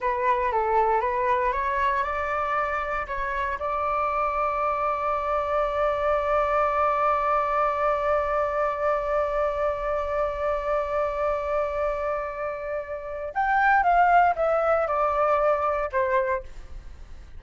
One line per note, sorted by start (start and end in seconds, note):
0.00 0.52 B4
0.52 1.00 A4
1.00 1.52 B4
1.52 2.03 C#5
2.03 3.06 D5
3.07 3.58 C#5
3.59 13.33 D5
13.34 13.83 G5
13.83 14.34 F5
14.35 14.87 E5
14.87 15.90 D5
15.92 16.43 C5